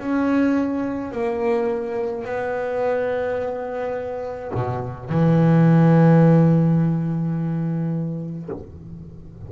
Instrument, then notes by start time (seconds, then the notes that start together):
double bass
0.00 C#4
1.12 A#3
2.24 B3
4.54 B2
5.09 E3